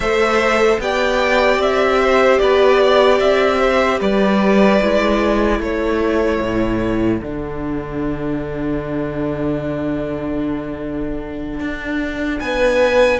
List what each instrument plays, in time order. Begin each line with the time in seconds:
0.00 cello A3, viola A4, violin C5 E5
0.79 cello B3, viola G4, violin D5 G5
1.57 cello C4, violin E5
2.00 violin C5
2.38 cello B3, violin B4 D5
2.83 violin D5
3.20 cello C4, violin E5
3.60 violin C5
3.98 cello G3, violin B4 D5
4.81 cello G#3, viola E4
5.58 cello A3, violin A4 C#5
6.41 cello A2
7.21 cello D3, viola D4, violin F#5
11.60 cello D4
12.40 cello B3, violin B4 G#5